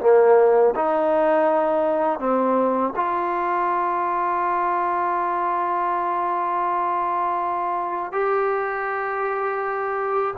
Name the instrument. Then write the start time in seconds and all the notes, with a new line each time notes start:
trombone
0.00 A#3
0.75 D#4
2.19 C4
2.96 F4
8.12 G4